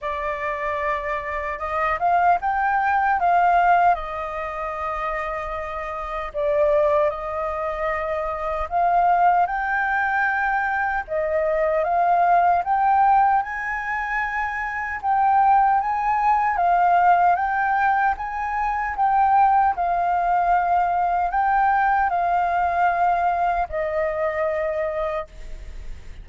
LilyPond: \new Staff \with { instrumentName = "flute" } { \time 4/4 \tempo 4 = 76 d''2 dis''8 f''8 g''4 | f''4 dis''2. | d''4 dis''2 f''4 | g''2 dis''4 f''4 |
g''4 gis''2 g''4 | gis''4 f''4 g''4 gis''4 | g''4 f''2 g''4 | f''2 dis''2 | }